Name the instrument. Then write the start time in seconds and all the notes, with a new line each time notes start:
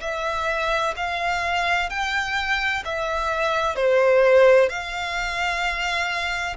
violin
0.00 E5
0.96 F5
1.89 G5
2.85 E5
3.75 C5
4.69 F5